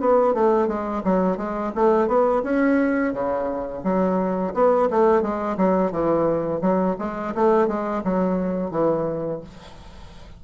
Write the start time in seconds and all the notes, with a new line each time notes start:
0.00 B3
0.34 A3
0.68 G#3
1.04 F#3
1.37 G#3
1.75 A3
2.08 B3
2.43 C#4
3.13 C#3
3.84 F#3
4.54 B3
4.91 A3
5.22 G#3
5.57 F#3
5.91 E3
6.61 F#3
6.99 G#3
7.35 A3
7.67 G#3
8.04 F#3
8.71 E3